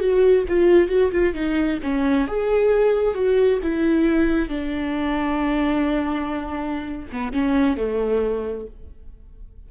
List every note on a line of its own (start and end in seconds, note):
0.00 0.45 F#4
0.48 0.89 F4
0.89 1.11 F#4
1.12 1.34 F4
1.34 1.79 D#4
1.83 2.27 C#4
2.27 3.14 G#4
3.14 3.59 F#4
3.63 4.49 E4
4.49 7.08 D4
7.12 7.33 B3
7.33 7.77 C#4
7.77 8.67 A3